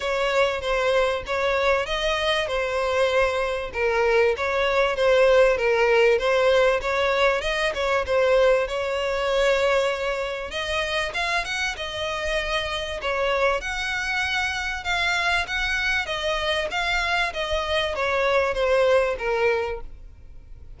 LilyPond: \new Staff \with { instrumentName = "violin" } { \time 4/4 \tempo 4 = 97 cis''4 c''4 cis''4 dis''4 | c''2 ais'4 cis''4 | c''4 ais'4 c''4 cis''4 | dis''8 cis''8 c''4 cis''2~ |
cis''4 dis''4 f''8 fis''8 dis''4~ | dis''4 cis''4 fis''2 | f''4 fis''4 dis''4 f''4 | dis''4 cis''4 c''4 ais'4 | }